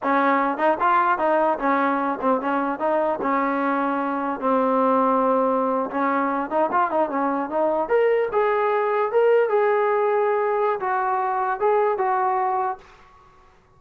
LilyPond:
\new Staff \with { instrumentName = "trombone" } { \time 4/4 \tempo 4 = 150 cis'4. dis'8 f'4 dis'4 | cis'4. c'8 cis'4 dis'4 | cis'2. c'4~ | c'2~ c'8. cis'4~ cis'16~ |
cis'16 dis'8 f'8 dis'8 cis'4 dis'4 ais'16~ | ais'8. gis'2 ais'4 gis'16~ | gis'2. fis'4~ | fis'4 gis'4 fis'2 | }